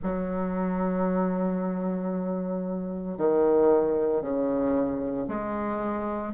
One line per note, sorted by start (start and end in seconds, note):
0.02 3.18 F#3
3.18 4.21 D#3
4.21 5.26 C#3
5.28 6.33 G#3